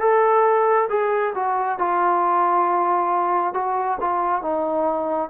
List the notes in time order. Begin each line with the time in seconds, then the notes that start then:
0.00 A4
0.89 G#4
1.35 F#4
1.78 F4
3.54 F#4
4.00 F4
4.42 D#4